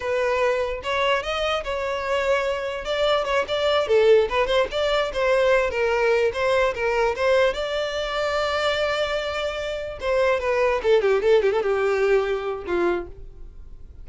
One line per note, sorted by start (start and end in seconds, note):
0.00 0.81 B4
0.83 1.22 C#5
1.22 1.63 D#5
1.64 2.84 C#5
2.84 3.24 D5
3.24 3.45 C#5
3.48 3.87 D5
3.87 4.28 A4
4.29 4.46 B4
4.46 4.67 C5
4.71 5.12 D5
5.13 5.70 C5
5.70 6.31 A#4
6.33 6.74 C5
6.74 7.15 A#4
7.15 7.53 C5
7.53 9.98 D5
10.00 10.40 C5
10.40 10.81 B4
10.83 11.01 A4
11.01 11.22 G4
11.22 11.42 A4
11.42 11.52 G4
11.52 11.62 A4
11.62 12.64 G4
12.66 13.07 F4